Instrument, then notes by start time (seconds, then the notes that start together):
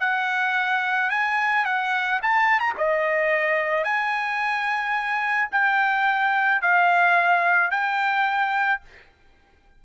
trumpet
0.00 F#5
1.10 G#5
1.65 F#5
2.23 A5
2.60 A#5
2.78 D#5
3.84 G#5
5.52 G5
6.62 F5
7.71 G5